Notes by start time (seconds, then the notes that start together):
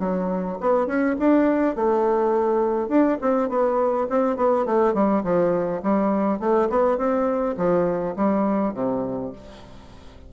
0.00 F#3
0.61 B3
0.87 C#4
1.20 D4
1.76 A3
2.89 D4
3.21 C4
3.50 B3
4.10 C4
4.37 B3
4.66 A3
4.94 G3
5.24 F3
5.83 G3
6.40 A3
6.70 B3
6.98 C4
7.58 F3
8.16 G3
8.75 C3